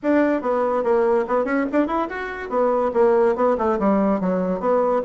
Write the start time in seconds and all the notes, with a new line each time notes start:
0.02 D4
0.41 B3
0.83 A#3
1.27 B3
1.44 C#4
1.72 D4
1.87 E4
2.09 F#4
2.49 B3
2.93 A#3
3.35 B3
3.57 A3
3.79 G3
4.20 F#3
4.60 B3